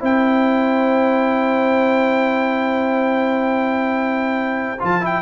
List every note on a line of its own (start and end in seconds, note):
0.00 4.81 C4
0.00 4.78 E4
0.00 5.23 C5
0.00 4.83 G5
4.80 5.23 F3
4.80 5.01 F4
4.80 5.06 A5
5.01 5.23 E4
5.01 5.23 G5